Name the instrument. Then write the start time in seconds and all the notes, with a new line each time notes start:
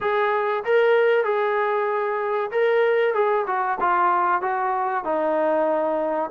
trombone
0.00 G#4
0.64 A#4
1.24 G#4
2.51 A#4
3.14 G#4
3.47 F#4
3.80 F4
4.41 F#4
5.04 D#4